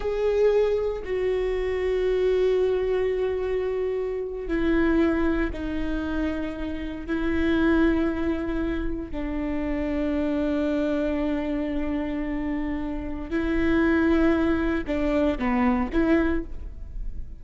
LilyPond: \new Staff \with { instrumentName = "viola" } { \time 4/4 \tempo 4 = 117 gis'2 fis'2~ | fis'1~ | fis'8. e'2 dis'4~ dis'16~ | dis'4.~ dis'16 e'2~ e'16~ |
e'4.~ e'16 d'2~ d'16~ | d'1~ | d'2 e'2~ | e'4 d'4 b4 e'4 | }